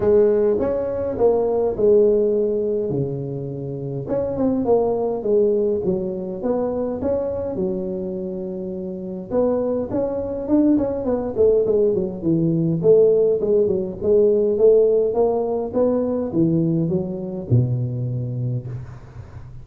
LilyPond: \new Staff \with { instrumentName = "tuba" } { \time 4/4 \tempo 4 = 103 gis4 cis'4 ais4 gis4~ | gis4 cis2 cis'8 c'8 | ais4 gis4 fis4 b4 | cis'4 fis2. |
b4 cis'4 d'8 cis'8 b8 a8 | gis8 fis8 e4 a4 gis8 fis8 | gis4 a4 ais4 b4 | e4 fis4 b,2 | }